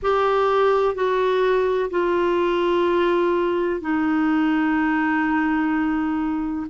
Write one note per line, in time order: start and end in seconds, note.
0.02 0.94 G4
0.94 1.90 F#4
1.90 3.81 F4
3.81 6.66 D#4